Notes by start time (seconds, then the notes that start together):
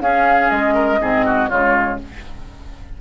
0.00 C#4 G#4 F5
0.50 G#3 D#5
0.74 A#4
1.00 G#2 C4 G#4
1.25 F#4
1.49 C#3 G#3 F4 C#5